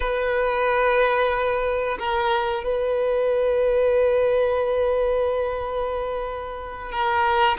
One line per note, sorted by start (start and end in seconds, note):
0.00 1.98 B4
1.98 2.63 A#4
2.63 6.91 B4
6.91 7.57 A#4